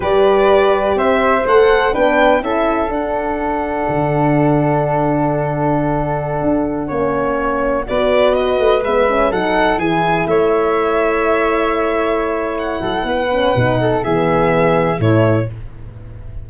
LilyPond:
<<
  \new Staff \with { instrumentName = "violin" } { \time 4/4 \tempo 4 = 124 d''2 e''4 fis''4 | g''4 e''4 fis''2~ | fis''1~ | fis''1~ |
fis''16 d''4 dis''4 e''4 fis''8.~ | fis''16 gis''4 e''2~ e''8.~ | e''2 fis''2~ | fis''4 e''2 cis''4 | }
  \new Staff \with { instrumentName = "flute" } { \time 4/4 b'2 c''2 | b'4 a'2.~ | a'1~ | a'2~ a'16 cis''4.~ cis''16~ |
cis''16 b'2. a'8.~ | a'16 gis'4 cis''2~ cis''8.~ | cis''2~ cis''8 a'8 b'4~ | b'8 a'8 gis'2 e'4 | }
  \new Staff \with { instrumentName = "horn" } { \time 4/4 g'2. a'4 | d'4 e'4 d'2~ | d'1~ | d'2~ d'16 cis'4.~ cis'16~ |
cis'16 fis'2 b8 cis'8 dis'8.~ | dis'16 e'2.~ e'8.~ | e'2.~ e'8 cis'8 | dis'4 b2 a4 | }
  \new Staff \with { instrumentName = "tuba" } { \time 4/4 g2 c'4 a4 | b4 cis'4 d'2 | d1~ | d4~ d16 d'4 ais4.~ ais16~ |
ais16 b4. a8 gis4 fis8.~ | fis16 e4 a2~ a8.~ | a2~ a8 fis8 b4 | b,4 e2 a,4 | }
>>